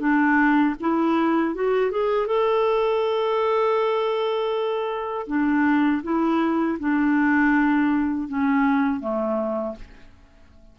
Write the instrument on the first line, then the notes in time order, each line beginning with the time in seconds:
clarinet
0.00 D4
0.80 E4
1.54 F#4
1.91 G#4
2.26 A4
5.27 D4
6.03 E4
6.79 D4
8.28 C#4
9.00 A3